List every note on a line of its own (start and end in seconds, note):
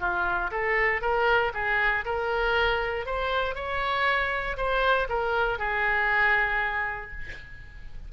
0.00 0.51 F4
0.52 1.02 A4
1.02 1.53 A#4
1.54 2.05 G#4
2.05 3.06 A#4
3.06 3.55 C5
3.55 4.57 C#5
4.57 5.08 C5
5.09 5.59 A#4
5.59 7.11 G#4